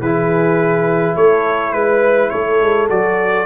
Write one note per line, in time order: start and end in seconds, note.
0.00 1.15 E3
0.00 2.89 E4
0.00 1.17 G#4
0.00 1.16 B4
1.16 1.73 A3
1.16 1.74 A4
1.16 1.73 C#5
1.73 2.31 G#3
1.73 2.30 B4
1.73 2.32 B4
2.30 2.61 A3
2.30 3.46 A4
2.30 2.88 C#5
2.61 2.90 G#3
2.89 3.46 F#3
2.89 3.46 F#4
2.89 3.46 D5